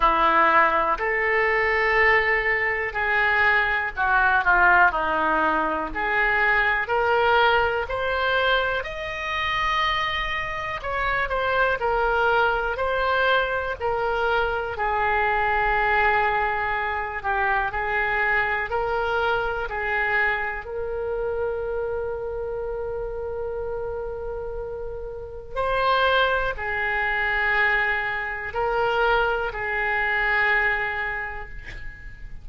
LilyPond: \new Staff \with { instrumentName = "oboe" } { \time 4/4 \tempo 4 = 61 e'4 a'2 gis'4 | fis'8 f'8 dis'4 gis'4 ais'4 | c''4 dis''2 cis''8 c''8 | ais'4 c''4 ais'4 gis'4~ |
gis'4. g'8 gis'4 ais'4 | gis'4 ais'2.~ | ais'2 c''4 gis'4~ | gis'4 ais'4 gis'2 | }